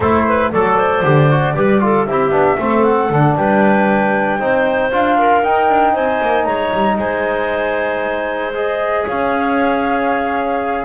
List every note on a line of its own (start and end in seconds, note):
0.00 0.52 A3
0.00 0.53 E4
0.00 0.26 A4
0.00 0.50 C5
0.27 0.52 B4
0.51 1.03 F#3
0.51 0.77 A4
0.51 1.03 A4
0.51 2.06 D5
0.77 1.55 C5
1.03 1.55 D3
1.03 1.29 G4
1.30 1.55 F#4
1.55 2.07 G3
1.55 1.80 G4
1.55 1.81 B4
1.80 2.05 F4
1.80 2.08 A4
2.06 2.30 C4
2.06 2.31 E4
2.06 2.58 G4
2.06 2.83 E5
2.30 2.56 B3
2.30 2.57 D4
2.58 3.09 A3
2.58 3.10 C4
2.58 3.36 A4
2.83 3.35 F#5
3.09 3.35 D3
3.09 4.39 D4
3.36 4.39 G3
3.36 4.40 B4
3.36 4.91 G5
4.39 4.91 C4
4.39 4.91 D#4
4.39 5.18 C5
4.91 5.43 D4
4.91 5.43 F4
4.91 5.44 F5
5.18 5.93 A#4
5.43 8.53 D#4
5.43 5.69 D#4
5.43 5.95 G5
5.69 5.94 D4
5.93 6.20 C4
5.93 6.44 C5
5.93 6.44 G#5
6.21 6.46 A#3
6.44 6.72 G#3
6.44 6.97 C#5
6.44 6.96 A#5
6.73 6.98 G3
6.98 9.05 G#3
6.98 9.05 C5
6.98 8.53 G#5
8.54 10.85 G#4
8.54 9.06 D#5
9.05 10.85 C#4
9.05 10.85 C#5
9.05 10.85 F5